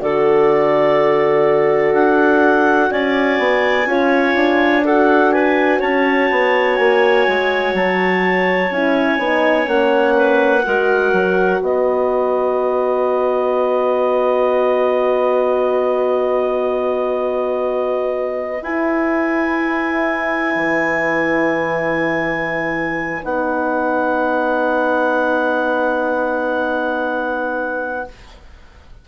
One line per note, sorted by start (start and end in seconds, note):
0.00 1.92 D3
0.00 3.86 F#4
0.00 2.91 A4
0.00 1.94 D5
1.92 2.89 D4
1.92 2.91 F#5
2.91 3.39 C#4
2.91 3.88 D5
2.91 4.84 G#5
3.39 3.86 B3
3.86 4.34 C#4
3.86 4.83 F4
3.86 4.85 C#5
4.35 5.80 D4
4.84 8.71 F#4
4.84 5.34 A4
4.84 5.31 F#5
5.31 5.79 B4
5.31 5.80 G#5
5.79 6.30 C#4
5.79 10.15 C#5
5.79 6.76 A5
6.30 6.78 B3
6.76 7.27 A#3
6.76 7.72 G#5
7.28 7.74 G#3
7.74 8.70 F#3
7.74 8.72 A5
8.70 9.18 C#4
8.70 9.19 E4
8.70 9.68 G#5
9.18 9.67 B3
9.18 9.65 D#4
9.65 10.64 A#3
9.65 10.62 C#4
9.65 11.62 F#5
10.17 10.65 B4
10.62 11.12 G#3
10.62 18.61 F#4
10.62 11.60 A#4
11.12 11.60 F#3
11.60 18.61 B3
11.60 28.05 B4
11.60 18.63 D#5
18.61 20.55 E4
18.61 23.22 E4
18.61 23.23 G#5
20.55 23.22 E3
23.22 28.07 B3
23.22 28.06 D#4
23.22 28.08 F#5